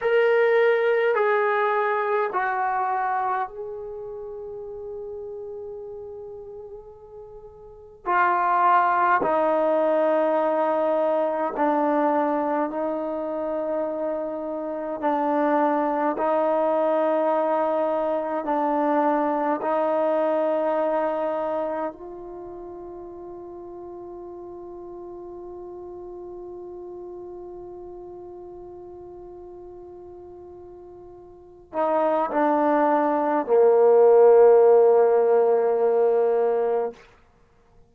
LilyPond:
\new Staff \with { instrumentName = "trombone" } { \time 4/4 \tempo 4 = 52 ais'4 gis'4 fis'4 gis'4~ | gis'2. f'4 | dis'2 d'4 dis'4~ | dis'4 d'4 dis'2 |
d'4 dis'2 f'4~ | f'1~ | f'2.~ f'8 dis'8 | d'4 ais2. | }